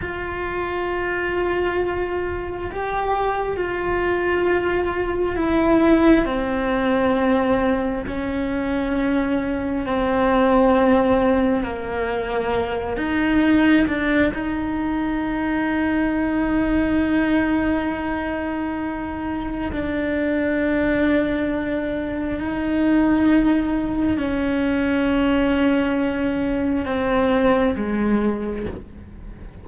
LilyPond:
\new Staff \with { instrumentName = "cello" } { \time 4/4 \tempo 4 = 67 f'2. g'4 | f'2 e'4 c'4~ | c'4 cis'2 c'4~ | c'4 ais4. dis'4 d'8 |
dis'1~ | dis'2 d'2~ | d'4 dis'2 cis'4~ | cis'2 c'4 gis4 | }